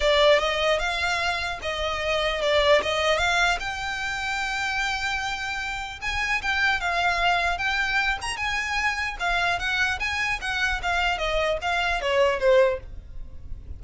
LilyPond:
\new Staff \with { instrumentName = "violin" } { \time 4/4 \tempo 4 = 150 d''4 dis''4 f''2 | dis''2 d''4 dis''4 | f''4 g''2.~ | g''2. gis''4 |
g''4 f''2 g''4~ | g''8 ais''8 gis''2 f''4 | fis''4 gis''4 fis''4 f''4 | dis''4 f''4 cis''4 c''4 | }